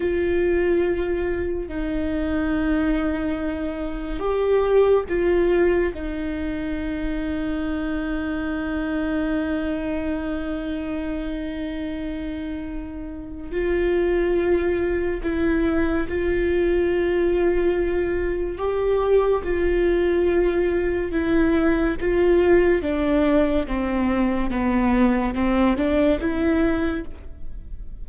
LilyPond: \new Staff \with { instrumentName = "viola" } { \time 4/4 \tempo 4 = 71 f'2 dis'2~ | dis'4 g'4 f'4 dis'4~ | dis'1~ | dis'1 |
f'2 e'4 f'4~ | f'2 g'4 f'4~ | f'4 e'4 f'4 d'4 | c'4 b4 c'8 d'8 e'4 | }